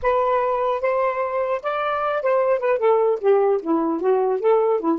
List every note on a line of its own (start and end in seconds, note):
0.02 0.81 B4
0.81 1.61 C5
1.62 2.22 D5
2.22 2.59 C5
2.59 2.78 B4
2.78 3.18 A4
3.20 3.60 G4
3.62 4.00 E4
4.00 4.40 F#4
4.40 4.80 A4
4.80 4.98 E4